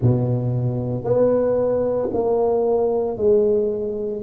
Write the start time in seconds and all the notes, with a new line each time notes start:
0.02 B2
1.03 B3
2.13 A#3
3.17 G#3